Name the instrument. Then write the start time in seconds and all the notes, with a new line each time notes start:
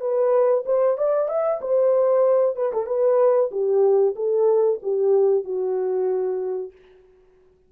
horn
0.00 B4
0.66 C5
0.97 D5
1.28 E5
1.61 C5
2.56 B4
2.73 A4
2.86 B4
3.51 G4
4.15 A4
4.82 G4
5.44 F#4